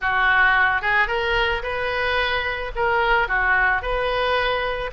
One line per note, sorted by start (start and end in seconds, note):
0.01 0.81 F#4
0.81 1.07 G#4
1.07 1.62 A#4
1.62 2.71 B4
2.75 3.28 A#4
3.28 3.82 F#4
3.82 4.91 B4